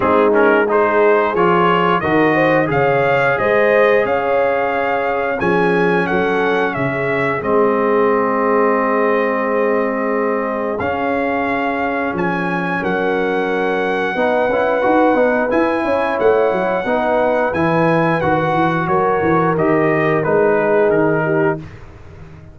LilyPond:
<<
  \new Staff \with { instrumentName = "trumpet" } { \time 4/4 \tempo 4 = 89 gis'8 ais'8 c''4 cis''4 dis''4 | f''4 dis''4 f''2 | gis''4 fis''4 e''4 dis''4~ | dis''1 |
f''2 gis''4 fis''4~ | fis''2. gis''4 | fis''2 gis''4 fis''4 | cis''4 dis''4 b'4 ais'4 | }
  \new Staff \with { instrumentName = "horn" } { \time 4/4 dis'4 gis'2 ais'8 c''8 | cis''4 c''4 cis''2 | gis'4 a'4 gis'2~ | gis'1~ |
gis'2. ais'4~ | ais'4 b'2~ b'8 cis''8~ | cis''4 b'2. | ais'2~ ais'8 gis'4 g'8 | }
  \new Staff \with { instrumentName = "trombone" } { \time 4/4 c'8 cis'8 dis'4 f'4 fis'4 | gis'1 | cis'2. c'4~ | c'1 |
cis'1~ | cis'4 dis'8 e'8 fis'8 dis'8 e'4~ | e'4 dis'4 e'4 fis'4~ | fis'4 g'4 dis'2 | }
  \new Staff \with { instrumentName = "tuba" } { \time 4/4 gis2 f4 dis4 | cis4 gis4 cis'2 | f4 fis4 cis4 gis4~ | gis1 |
cis'2 f4 fis4~ | fis4 b8 cis'8 dis'8 b8 e'8 cis'8 | a8 fis8 b4 e4 dis8 e8 | fis8 e8 dis4 gis4 dis4 | }
>>